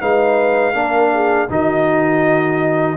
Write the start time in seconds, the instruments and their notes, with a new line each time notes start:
0.00 tuba G#3, trombone D#4, horn B4, trumpet F5
0.73 tuba A#3, trombone D4, horn A#4
1.13 horn G#4
1.49 tuba D#3, trombone D#4, horn F#4, trumpet D#5